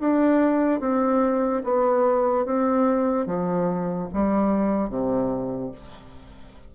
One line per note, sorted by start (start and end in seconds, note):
0.00 0.80 D4
0.80 1.63 C4
1.64 2.45 B3
2.45 3.26 C4
3.26 4.08 F3
4.13 4.89 G3
4.89 5.71 C3